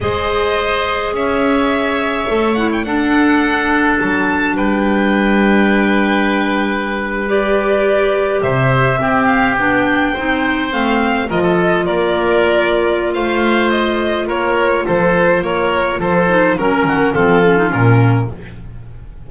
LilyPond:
<<
  \new Staff \with { instrumentName = "violin" } { \time 4/4 \tempo 4 = 105 dis''2 e''2~ | e''8 fis''16 g''16 fis''2 a''4 | g''1~ | g''8. d''2 e''4~ e''16~ |
e''16 f''8 g''2 f''4 dis''16~ | dis''8. d''2~ d''16 f''4 | dis''4 cis''4 c''4 cis''4 | c''4 ais'4 a'4 ais'4 | }
  \new Staff \with { instrumentName = "oboe" } { \time 4/4 c''2 cis''2~ | cis''4 a'2. | b'1~ | b'2~ b'8. c''4 g'16~ |
g'4.~ g'16 c''2 ais'16 | a'8. ais'2~ ais'16 c''4~ | c''4 ais'4 a'4 ais'4 | a'4 ais'8 fis'8 f'2 | }
  \new Staff \with { instrumentName = "clarinet" } { \time 4/4 gis'1 | a'8 e'8 d'2.~ | d'1~ | d'8. g'2. c'16~ |
c'8. d'4 dis'4 c'4 f'16~ | f'1~ | f'1~ | f'8 dis'8 cis'4 c'8 cis'16 dis'16 cis'4 | }
  \new Staff \with { instrumentName = "double bass" } { \time 4/4 gis2 cis'2 | a4 d'2 fis4 | g1~ | g2~ g8. c4 c'16~ |
c'8. b4 c'4 a4 f16~ | f8. ais2~ ais16 a4~ | a4 ais4 f4 ais4 | f4 fis8 dis8 f4 ais,4 | }
>>